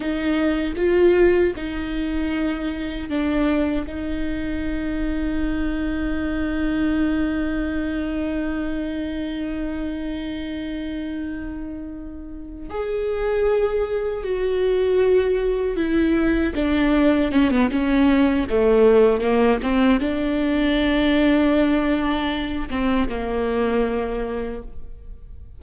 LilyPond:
\new Staff \with { instrumentName = "viola" } { \time 4/4 \tempo 4 = 78 dis'4 f'4 dis'2 | d'4 dis'2.~ | dis'1~ | dis'1~ |
dis'8 gis'2 fis'4.~ | fis'8 e'4 d'4 cis'16 b16 cis'4 | a4 ais8 c'8 d'2~ | d'4. c'8 ais2 | }